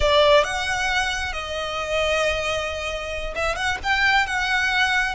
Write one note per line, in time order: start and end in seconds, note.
0.00 0.44 D5
0.44 1.32 F#5
1.32 3.34 D#5
3.35 3.55 E5
3.55 3.77 F#5
3.83 4.26 G5
4.26 5.15 F#5